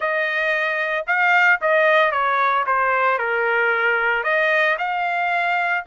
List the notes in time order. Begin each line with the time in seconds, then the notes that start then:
0.00 D#5
1.06 F5
1.61 D#5
2.11 C#5
2.66 C5
3.18 A#4
4.23 D#5
4.78 F5